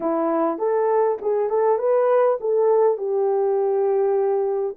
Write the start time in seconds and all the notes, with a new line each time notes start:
0.00 E4
0.58 A4
1.21 G#4
1.49 A4
1.78 B4
2.40 A4
2.97 G4